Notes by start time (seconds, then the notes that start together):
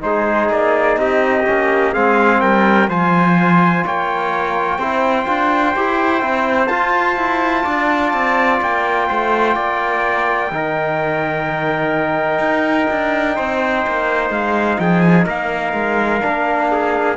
0.00 G#3 D#4 G#4 C5
0.49 A#3 D5
0.97 C4 G4 D#5
1.46 A#3 C#4
1.93 G#3 C4 G#4 F5
2.40 G3 A#4 G5
2.88 F3 F4 C5 G#5
3.85 A#3 C#5 G5
4.78 C4 E4 C5
5.25 D4 F4
5.76 E4 G4
6.19 C4 E4
6.67 F4 A5
7.16 E4
7.64 D4 D5
8.13 C4
8.61 A#3 G5
9.07 A3 C5
9.55 A#3 D5
10.51 D#3 D#4 A#4
12.38 D#4
12.90 D4
13.36 C4 C5
13.87 A#3
14.30 G#3 F5
14.79 F3 G#4 G5
15.00 G#5
15.25 A#3 A#4 F5
15.73 G#3
16.20 A#3 D4
16.71 G#4